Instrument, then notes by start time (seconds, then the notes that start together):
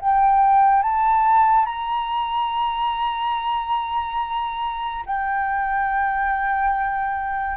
flute
0.00 G5
0.83 A5
1.66 A#5
5.06 G5